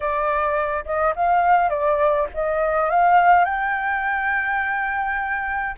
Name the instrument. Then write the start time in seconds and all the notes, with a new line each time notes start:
flute
0.00 D5
0.85 D#5
1.15 F5
1.69 D5
2.34 D#5
2.90 F5
3.44 G5